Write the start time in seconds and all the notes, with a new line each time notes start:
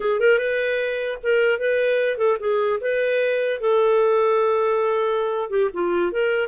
0.00 G#4
0.20 A#4
0.38 B4
1.22 A#4
1.59 B4
2.17 A4
2.39 G#4
2.80 B4
3.60 A4
5.49 G4
5.73 F4
6.11 A#4